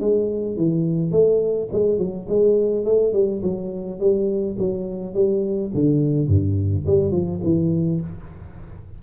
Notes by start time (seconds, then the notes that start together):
0.00 G#3
0.57 E3
1.11 A3
1.72 G#3
1.98 F#3
2.29 G#3
2.85 A3
3.13 G3
3.43 F#3
4.00 G3
4.59 F#3
5.14 G3
5.74 D3
6.28 G2
6.87 G3
7.11 F3
7.43 E3